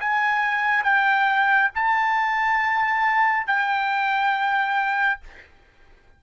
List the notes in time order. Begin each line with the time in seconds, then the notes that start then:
0.00 G#5
0.84 G5
1.75 A5
3.47 G5